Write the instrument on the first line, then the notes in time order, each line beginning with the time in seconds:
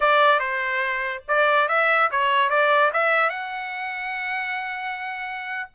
trumpet
0.00 D5
0.39 C5
1.27 D5
1.68 E5
2.11 C#5
2.49 D5
2.93 E5
3.29 F#5